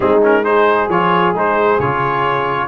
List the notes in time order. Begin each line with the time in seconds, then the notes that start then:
0.00 G#3 C4 D#4 G#4
0.22 C#4 A#4
0.43 D#4 G#4 C5
0.88 F3 F4 C#5
1.33 G#3 D#4 C5
1.79 C#3 F4 C#5